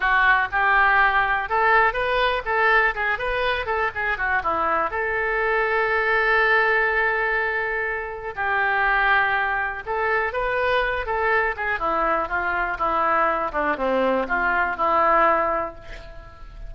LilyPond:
\new Staff \with { instrumentName = "oboe" } { \time 4/4 \tempo 4 = 122 fis'4 g'2 a'4 | b'4 a'4 gis'8 b'4 a'8 | gis'8 fis'8 e'4 a'2~ | a'1~ |
a'4 g'2. | a'4 b'4. a'4 gis'8 | e'4 f'4 e'4. d'8 | c'4 f'4 e'2 | }